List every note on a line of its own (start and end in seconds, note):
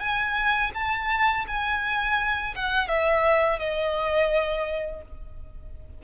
0.00 0.71 G#5
0.74 1.46 A5
1.48 2.55 G#5
2.56 2.88 F#5
2.88 3.59 E5
3.59 5.02 D#5